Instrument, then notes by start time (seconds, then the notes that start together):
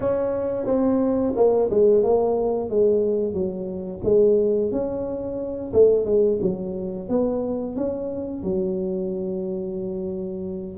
tuba
0.00 C#4
0.66 C4
1.36 A#3
1.70 G#3
2.03 A#3
2.69 G#3
3.33 F#3
4.04 G#3
4.71 C#4
5.73 A3
6.05 G#3
6.41 F#3
7.08 B3
7.75 C#4
8.43 F#3